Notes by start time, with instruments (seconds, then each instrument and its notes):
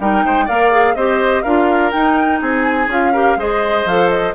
0.00 bassoon G3, clarinet D#4, oboe A#4, flute G5
0.24 bassoon G#3, oboe C5
0.46 bassoon A#3, clarinet A#4, oboe D5, flute F5
0.71 clarinet G#4
0.95 bassoon C4, clarinet G4, oboe C5, flute D#5
1.43 bassoon D4, clarinet F4, oboe A#4, flute F5
1.91 clarinet D#4, bassoon D#4, flute G5
2.41 bassoon C4, oboe G#4, flute G#5
2.88 bassoon C#4, clarinet F4, flute F5
3.13 clarinet G4, oboe A#4
3.36 bassoon G#3, clarinet G#4, oboe C5, flute D#5
3.85 bassoon F3, clarinet A4, flute F5
4.10 flute D#5